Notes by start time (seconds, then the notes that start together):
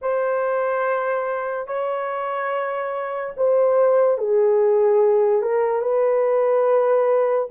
0.01 C5
1.67 C#5
3.36 C5
4.18 G#4
5.42 A#4
5.81 B4